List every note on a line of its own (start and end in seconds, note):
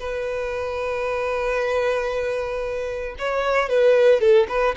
0.00 3.16 B4
3.19 3.69 C#5
3.69 4.21 B4
4.21 4.47 A4
4.49 4.75 B4